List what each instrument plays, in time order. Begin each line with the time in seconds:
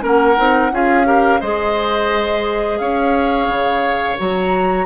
0.00 bassoon A#3, clarinet C#4, oboe A#4, flute F#5
0.36 bassoon C4, clarinet D#4
0.71 bassoon C#4, clarinet F4, oboe G#4, flute F5
1.05 clarinet G4, oboe A#4
1.40 bassoon G#3, clarinet G#4, oboe C5, flute D#5
2.78 bassoon C#4, oboe C#5, flute F5
3.48 bassoon C#3
4.17 bassoon F#3, clarinet F#4, flute A#5